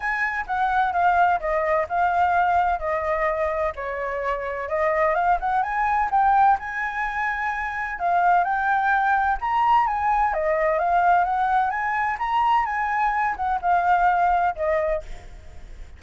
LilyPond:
\new Staff \with { instrumentName = "flute" } { \time 4/4 \tempo 4 = 128 gis''4 fis''4 f''4 dis''4 | f''2 dis''2 | cis''2 dis''4 f''8 fis''8 | gis''4 g''4 gis''2~ |
gis''4 f''4 g''2 | ais''4 gis''4 dis''4 f''4 | fis''4 gis''4 ais''4 gis''4~ | gis''8 fis''8 f''2 dis''4 | }